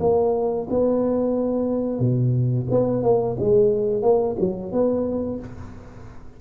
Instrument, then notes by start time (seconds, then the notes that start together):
tuba
0.00 A#3
0.70 B3
1.99 B2
2.71 B3
3.03 A#3
3.39 G#3
4.02 A#3
4.39 F#3
4.72 B3